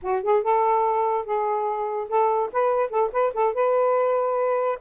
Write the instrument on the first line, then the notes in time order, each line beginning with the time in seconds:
saxophone
0.02 F#4
0.22 G#4
0.43 A4
1.25 G#4
2.08 A4
2.52 B4
2.90 A4
3.12 B4
3.34 A4
3.53 B4